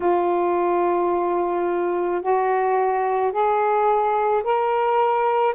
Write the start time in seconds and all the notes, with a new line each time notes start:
0.00 F4
2.21 F#4
3.31 G#4
4.43 A#4